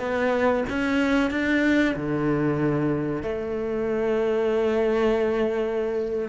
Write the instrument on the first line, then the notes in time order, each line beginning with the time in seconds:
cello
0.00 B3
0.70 C#4
1.31 D4
1.96 D3
3.23 A3